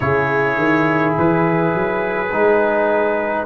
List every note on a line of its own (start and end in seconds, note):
0.00 0.57 C#3
0.00 2.27 E4
0.00 3.46 G#4
0.00 1.12 C#5
0.57 1.14 D#3
1.18 1.74 E3
1.18 3.46 B4
1.74 2.32 F#3
2.32 3.46 G#3
2.32 3.46 D#4